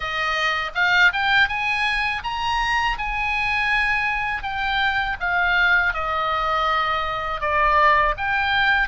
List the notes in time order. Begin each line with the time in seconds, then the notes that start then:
0.00 D#5
0.74 F5
1.12 G5
1.48 G#5
2.23 A#5
2.98 G#5
4.42 G5
5.20 F5
5.93 D#5
7.40 D5
8.17 G5